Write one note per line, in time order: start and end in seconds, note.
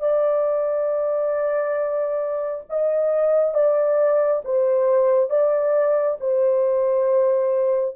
0.00 2.65 D5
2.70 3.55 D#5
3.55 4.43 D5
4.45 5.30 C5
5.30 6.18 D5
6.21 7.96 C5